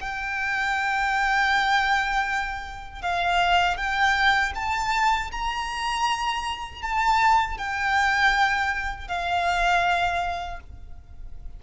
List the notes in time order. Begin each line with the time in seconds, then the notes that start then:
0.00 G5
3.02 F5
3.77 G5
4.55 A5
5.31 A#5
6.82 A5
7.57 G5
9.08 F5